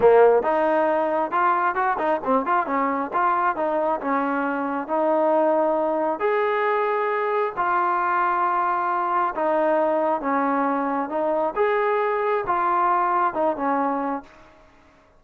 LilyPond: \new Staff \with { instrumentName = "trombone" } { \time 4/4 \tempo 4 = 135 ais4 dis'2 f'4 | fis'8 dis'8 c'8 f'8 cis'4 f'4 | dis'4 cis'2 dis'4~ | dis'2 gis'2~ |
gis'4 f'2.~ | f'4 dis'2 cis'4~ | cis'4 dis'4 gis'2 | f'2 dis'8 cis'4. | }